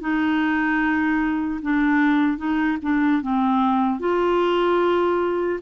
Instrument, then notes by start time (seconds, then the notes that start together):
clarinet
0.00 D#4
1.62 D4
2.37 D#4
2.82 D4
3.21 C4
3.99 F4